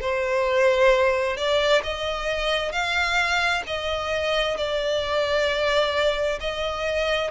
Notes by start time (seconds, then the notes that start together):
0.00 C5
1.36 D5
1.83 D#5
2.72 F5
3.67 D#5
4.57 D5
6.40 D#5